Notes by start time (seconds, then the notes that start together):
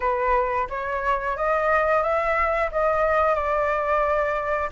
0.00 B4
0.69 C#5
1.37 D#5
2.02 E5
2.71 D#5
3.34 D5